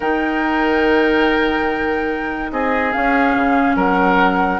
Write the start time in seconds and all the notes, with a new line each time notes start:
0.00 D#3 D#4 A#4 G5
2.51 C4 G#4 D#5
2.92 C#4 F5
3.35 C#3
3.75 F#3 A#4 F#5